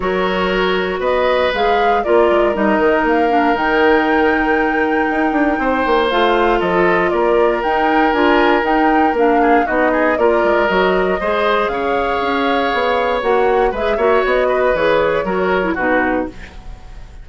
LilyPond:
<<
  \new Staff \with { instrumentName = "flute" } { \time 4/4 \tempo 4 = 118 cis''2 dis''4 f''4 | d''4 dis''4 f''4 g''4~ | g''1 | f''4 dis''4 d''4 g''4 |
gis''4 g''4 f''4 dis''4 | d''4 dis''2 f''4~ | f''2 fis''4 e''4 | dis''4 cis''2 b'4 | }
  \new Staff \with { instrumentName = "oboe" } { \time 4/4 ais'2 b'2 | ais'1~ | ais'2. c''4~ | c''4 a'4 ais'2~ |
ais'2~ ais'8 gis'8 fis'8 gis'8 | ais'2 c''4 cis''4~ | cis''2. b'8 cis''8~ | cis''8 b'4. ais'4 fis'4 | }
  \new Staff \with { instrumentName = "clarinet" } { \time 4/4 fis'2. gis'4 | f'4 dis'4. d'8 dis'4~ | dis'1 | f'2. dis'4 |
f'4 dis'4 d'4 dis'4 | f'4 fis'4 gis'2~ | gis'2 fis'4 gis'8 fis'8~ | fis'4 gis'4 fis'8. e'16 dis'4 | }
  \new Staff \with { instrumentName = "bassoon" } { \time 4/4 fis2 b4 gis4 | ais8 gis8 g8 dis8 ais4 dis4~ | dis2 dis'8 d'8 c'8 ais8 | a4 f4 ais4 dis'4 |
d'4 dis'4 ais4 b4 | ais8 gis8 fis4 gis4 cis4 | cis'4 b4 ais4 gis8 ais8 | b4 e4 fis4 b,4 | }
>>